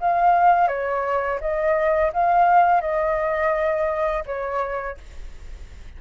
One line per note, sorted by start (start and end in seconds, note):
0.00 0.68 F5
0.68 1.39 C#5
1.40 2.11 D#5
2.13 2.81 F5
2.81 4.23 D#5
4.25 4.97 C#5